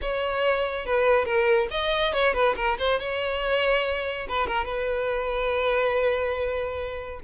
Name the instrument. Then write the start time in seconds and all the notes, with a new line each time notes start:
violin
0.01 C#5
0.85 B4
1.25 A#4
1.70 D#5
2.13 C#5
2.33 B4
2.56 A#4
2.78 C5
2.99 C#5
4.28 B4
4.47 A#4
4.64 B4